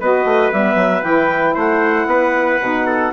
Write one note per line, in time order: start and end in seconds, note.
0.00 0.24 B3
0.00 0.52 F#4
0.00 1.54 B4
0.00 0.52 D#5
0.24 0.50 A3
0.52 0.75 G3
0.52 1.03 B3
0.52 1.02 E5
0.75 1.02 F#3
1.02 1.55 E3
1.02 2.60 E4
1.02 1.55 G5
1.54 2.06 A3
1.54 2.06 C5
1.54 3.12 F#5
2.06 2.58 B3
2.06 2.86 B4
2.61 3.12 B2
2.61 3.12 D#4
2.86 3.12 A4